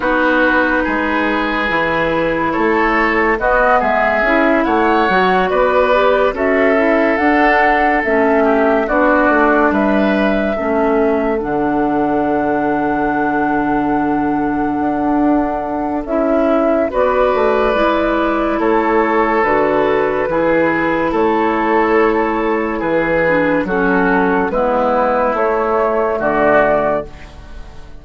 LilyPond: <<
  \new Staff \with { instrumentName = "flute" } { \time 4/4 \tempo 4 = 71 b'2. cis''4 | dis''8 e''4 fis''4 d''4 e''8~ | e''8 fis''4 e''4 d''4 e''8~ | e''4. fis''2~ fis''8~ |
fis''2. e''4 | d''2 cis''4 b'4~ | b'4 cis''2 b'4 | a'4 b'4 cis''4 d''4 | }
  \new Staff \with { instrumentName = "oboe" } { \time 4/4 fis'4 gis'2 a'4 | fis'8 gis'4 cis''4 b'4 a'8~ | a'2 g'8 fis'4 b'8~ | b'8 a'2.~ a'8~ |
a'1 | b'2 a'2 | gis'4 a'2 gis'4 | fis'4 e'2 fis'4 | }
  \new Staff \with { instrumentName = "clarinet" } { \time 4/4 dis'2 e'2 | b4 e'4 fis'4 g'8 fis'8 | e'8 d'4 cis'4 d'4.~ | d'8 cis'4 d'2~ d'8~ |
d'2. e'4 | fis'4 e'2 fis'4 | e'2.~ e'8 d'8 | cis'4 b4 a2 | }
  \new Staff \with { instrumentName = "bassoon" } { \time 4/4 b4 gis4 e4 a4 | b8 gis8 cis'8 a8 fis8 b4 cis'8~ | cis'8 d'4 a4 b8 a8 g8~ | g8 a4 d2~ d8~ |
d4. d'4. cis'4 | b8 a8 gis4 a4 d4 | e4 a2 e4 | fis4 gis4 a4 d4 | }
>>